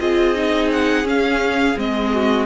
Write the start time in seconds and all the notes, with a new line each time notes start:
0.00 C4 F4 G#4 D#5
0.35 D#4
0.73 F#5
1.04 C#4 F5
1.77 G#3 C4 D#5
2.14 F#4